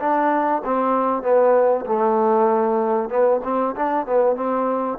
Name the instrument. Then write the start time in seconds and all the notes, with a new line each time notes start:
trombone
0.00 D4
0.65 C4
1.23 B3
1.86 A3
3.10 B3
3.44 C4
3.76 D4
4.07 B3
4.36 C4